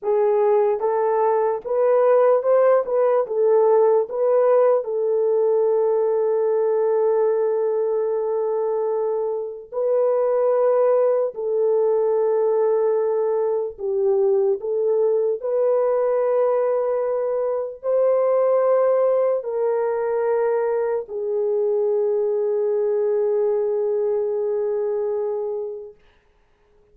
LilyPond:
\new Staff \with { instrumentName = "horn" } { \time 4/4 \tempo 4 = 74 gis'4 a'4 b'4 c''8 b'8 | a'4 b'4 a'2~ | a'1 | b'2 a'2~ |
a'4 g'4 a'4 b'4~ | b'2 c''2 | ais'2 gis'2~ | gis'1 | }